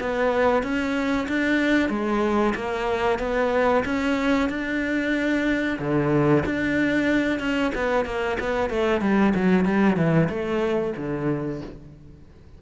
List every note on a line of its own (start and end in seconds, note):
0.00 0.63 B3
0.63 1.27 C#4
1.28 1.89 D4
1.89 2.53 G#3
2.55 3.19 A#3
3.19 3.83 B3
3.85 4.49 C#4
4.49 5.78 D4
5.79 6.43 D3
6.45 7.39 D4
7.39 7.71 C#4
7.74 8.05 B3
8.05 8.37 A#3
8.39 8.69 B3
8.69 9.01 A3
9.01 9.33 G3
9.35 9.65 F#3
9.65 9.96 G3
9.96 10.28 E3
10.29 10.94 A3
10.96 11.61 D3